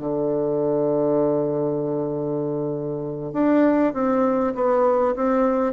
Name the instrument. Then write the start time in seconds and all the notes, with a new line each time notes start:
bassoon
0.00 D3
3.33 D4
3.94 C4
4.55 B3
5.16 C4